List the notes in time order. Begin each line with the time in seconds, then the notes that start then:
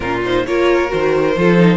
0.00 A#2 C#4 F4 A#4
0.25 D#4 C5
0.46 A#3 F4 A#4 C#5
0.88 D#3 F#4 C5
1.36 F3 F4 A4
1.57 D#4